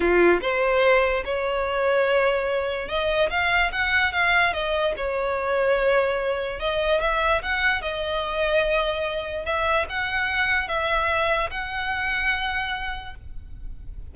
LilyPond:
\new Staff \with { instrumentName = "violin" } { \time 4/4 \tempo 4 = 146 f'4 c''2 cis''4~ | cis''2. dis''4 | f''4 fis''4 f''4 dis''4 | cis''1 |
dis''4 e''4 fis''4 dis''4~ | dis''2. e''4 | fis''2 e''2 | fis''1 | }